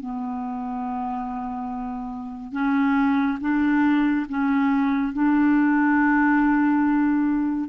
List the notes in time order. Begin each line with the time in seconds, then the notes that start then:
0.00 B3
2.52 C#4
3.41 D4
4.29 C#4
5.13 D4